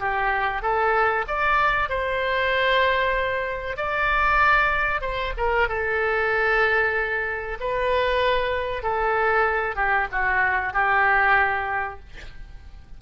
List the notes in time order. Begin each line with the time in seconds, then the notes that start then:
0.00 G4
0.63 A4
1.28 D5
1.90 C5
3.77 D5
5.02 C5
5.38 A#4
5.69 A4
7.60 B4
8.83 A4
9.76 G4
10.12 F#4
10.74 G4